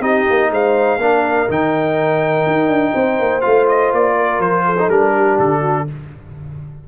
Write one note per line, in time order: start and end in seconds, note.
0.00 0.24 C4
0.00 0.99 D#4
0.00 0.50 G4
0.00 0.51 D#5
0.30 0.51 A#3
0.51 0.98 G#3
0.51 1.00 C5
0.51 1.51 F5
0.98 1.47 A#3
0.98 1.48 D4
0.98 2.94 A#4
1.49 2.46 D#3
1.49 3.42 D#4
1.49 3.41 G5
2.46 2.68 D#4
2.68 2.92 D4
2.94 3.19 C4
2.94 4.16 C5
3.19 3.44 A#3
3.41 3.93 A3
3.41 4.76 F4
3.41 3.66 F5
3.69 3.93 D#5
3.93 4.39 A#3
3.93 4.41 D5
4.16 4.65 A#4
4.39 4.88 F3
4.39 4.90 C5
4.65 5.14 A4
4.79 4.90 D#4
4.89 5.37 G3
4.89 5.88 D4
4.89 5.39 A#4
5.16 5.60 G4
5.39 5.88 D3
5.39 5.88 A4
5.60 5.84 F#4